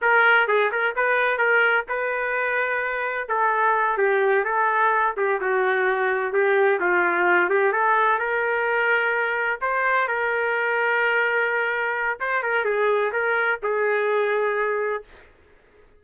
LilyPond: \new Staff \with { instrumentName = "trumpet" } { \time 4/4 \tempo 4 = 128 ais'4 gis'8 ais'8 b'4 ais'4 | b'2. a'4~ | a'8 g'4 a'4. g'8 fis'8~ | fis'4. g'4 f'4. |
g'8 a'4 ais'2~ ais'8~ | ais'8 c''4 ais'2~ ais'8~ | ais'2 c''8 ais'8 gis'4 | ais'4 gis'2. | }